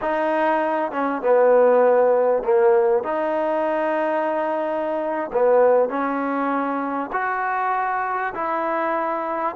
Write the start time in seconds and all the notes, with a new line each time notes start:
0.01 D#4
0.91 C#4
1.22 B3
2.43 A#3
3.03 D#4
5.33 B3
5.89 C#4
7.12 F#4
8.34 E4